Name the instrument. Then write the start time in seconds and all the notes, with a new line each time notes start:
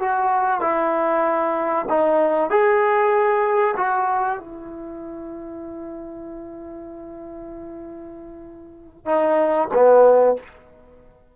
trombone
0.00 F#4
0.61 E4
1.89 D#4
2.50 G#4
3.77 F#4
4.39 E4
9.06 D#4
9.74 B3